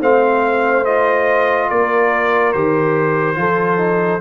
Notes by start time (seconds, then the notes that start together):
0.00 A3 C4 C5 F5
0.85 F4 D#5
1.70 A#3 A#4 D5
2.52 D#3 G4 C5
3.36 F3 F4 A4
3.78 D#4